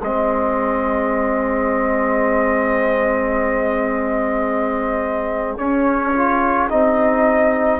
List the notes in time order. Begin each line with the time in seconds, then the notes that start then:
0.00 G#3 C4 G#4 D#5
5.57 C#4 C#5
6.14 F4
6.69 C4 D#4 D#5